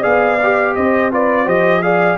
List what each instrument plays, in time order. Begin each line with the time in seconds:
0.00 tuba B3, trombone G#4, horn D5, trumpet F5
0.43 trombone G4
0.75 tuba C4, horn C5, trumpet D#5
1.11 trombone F4, horn B4, trumpet D5
1.45 tuba F3, trombone G4, horn C5, trumpet D#5
1.82 trombone G#4, horn D5, trumpet F5